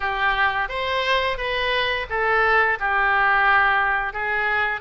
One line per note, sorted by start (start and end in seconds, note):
0.00 0.68 G4
0.68 1.37 C5
1.37 2.06 B4
2.09 2.78 A4
2.79 4.13 G4
4.13 4.81 G#4